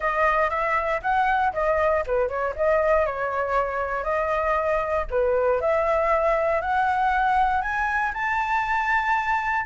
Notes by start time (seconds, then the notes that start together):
0.00 D#5
0.50 E5
1.02 F#5
1.53 D#5
2.06 B4
2.28 C#5
2.56 D#5
3.05 C#5
4.03 D#5
5.10 B4
5.60 E5
6.61 F#5
7.61 G#5
8.13 A5